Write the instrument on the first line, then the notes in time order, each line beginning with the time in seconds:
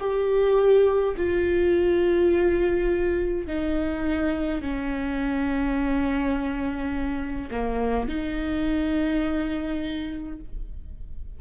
viola
0.00 G4
1.17 F4
3.47 D#4
4.62 C#4
7.51 A#3
8.09 D#4